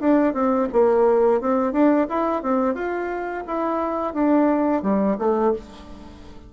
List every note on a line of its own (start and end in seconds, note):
0.00 0.34 D4
0.34 0.68 C4
0.72 1.41 A#3
1.41 1.72 C4
1.72 2.07 D4
2.09 2.43 E4
2.43 2.75 C4
2.75 3.44 F4
3.47 4.13 E4
4.13 4.82 D4
4.82 5.17 G3
5.18 5.53 A3